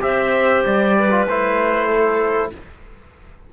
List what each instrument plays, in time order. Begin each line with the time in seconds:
0.00 cello C4, trombone G4, clarinet C5, trumpet E5
0.66 cello G3, trumpet D5
0.99 clarinet B4
1.11 trombone F4
1.27 cello A3, trombone E4, trumpet C5
1.87 clarinet A4